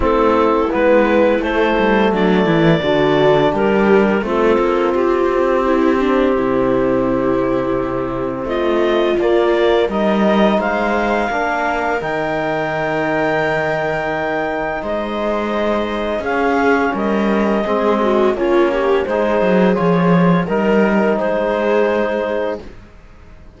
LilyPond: <<
  \new Staff \with { instrumentName = "clarinet" } { \time 4/4 \tempo 4 = 85 a'4 b'4 c''4 d''4~ | d''4 ais'4 a'4 g'4~ | g'1 | dis''4 d''4 dis''4 f''4~ |
f''4 g''2.~ | g''4 dis''2 f''4 | dis''2 cis''4 c''4 | cis''4 ais'4 c''2 | }
  \new Staff \with { instrumentName = "viola" } { \time 4/4 e'2. d'8 e'8 | fis'4 g'4 f'2 | e'8 d'8 e'2. | f'2 ais'4 c''4 |
ais'1~ | ais'4 c''2 gis'4 | ais'4 gis'8 fis'8 f'8 g'8 gis'4~ | gis'4 ais'4 gis'2 | }
  \new Staff \with { instrumentName = "trombone" } { \time 4/4 c'4 b4 a2 | d'2 c'2~ | c'1~ | c'4 ais4 dis'2 |
d'4 dis'2.~ | dis'2. cis'4~ | cis'4 c'4 cis'4 dis'4 | f'4 dis'2. | }
  \new Staff \with { instrumentName = "cello" } { \time 4/4 a4 gis4 a8 g8 fis8 e8 | d4 g4 a8 ais8 c'4~ | c'4 c2. | a4 ais4 g4 gis4 |
ais4 dis2.~ | dis4 gis2 cis'4 | g4 gis4 ais4 gis8 fis8 | f4 g4 gis2 | }
>>